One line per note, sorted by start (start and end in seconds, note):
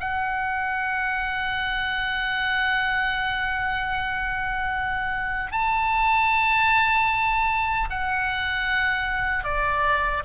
0.00 5.51 F#5
5.51 7.88 A5
7.90 9.44 F#5
9.44 10.23 D5